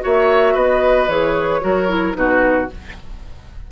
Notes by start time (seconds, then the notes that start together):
0.00 A#3 F#4 C#5 E5
0.54 B3 B4 D#5
1.07 E3 G#4 C#5
1.60 F#3 F#4 A#4
1.88 E4
2.13 B2 D#4 F#4 B4